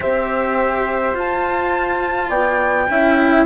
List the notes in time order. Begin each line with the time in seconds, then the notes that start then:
0.00 C4 G4 C5 E5
1.14 F4 A5
2.29 B3 D5 G5
2.89 C#4 E4 E5